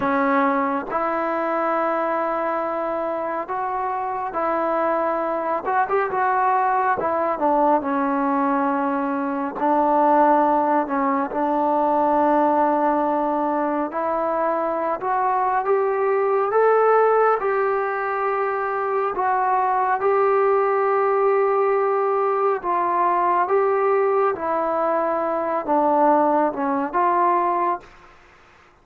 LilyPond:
\new Staff \with { instrumentName = "trombone" } { \time 4/4 \tempo 4 = 69 cis'4 e'2. | fis'4 e'4. fis'16 g'16 fis'4 | e'8 d'8 cis'2 d'4~ | d'8 cis'8 d'2. |
e'4~ e'16 fis'8. g'4 a'4 | g'2 fis'4 g'4~ | g'2 f'4 g'4 | e'4. d'4 cis'8 f'4 | }